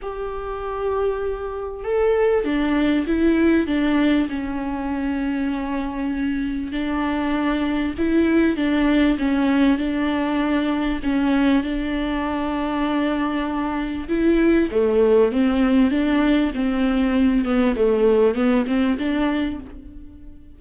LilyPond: \new Staff \with { instrumentName = "viola" } { \time 4/4 \tempo 4 = 98 g'2. a'4 | d'4 e'4 d'4 cis'4~ | cis'2. d'4~ | d'4 e'4 d'4 cis'4 |
d'2 cis'4 d'4~ | d'2. e'4 | a4 c'4 d'4 c'4~ | c'8 b8 a4 b8 c'8 d'4 | }